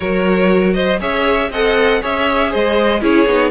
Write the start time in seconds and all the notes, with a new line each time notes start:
0.00 F#3 F#4 A#4 C#5
0.73 C5 D#5
1.00 C#4 G#4 C#5 E5
1.50 C4 A4 D#5 F#5
2.01 C#4 G#4 C#5 E5
2.50 G#3 C5 D#5
3.01 C#4 E4 G#4 C#5
3.26 B3 D#4